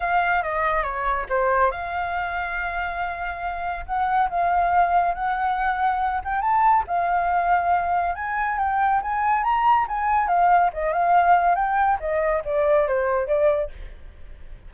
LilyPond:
\new Staff \with { instrumentName = "flute" } { \time 4/4 \tempo 4 = 140 f''4 dis''4 cis''4 c''4 | f''1~ | f''4 fis''4 f''2 | fis''2~ fis''8 g''8 a''4 |
f''2. gis''4 | g''4 gis''4 ais''4 gis''4 | f''4 dis''8 f''4. g''4 | dis''4 d''4 c''4 d''4 | }